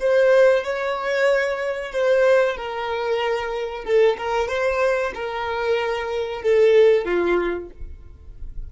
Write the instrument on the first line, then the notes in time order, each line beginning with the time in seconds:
violin
0.00 C5
0.64 C#5
1.92 C5
2.57 A#4
3.85 A4
4.18 A#4
4.48 C5
5.15 A#4
6.43 A4
7.05 F4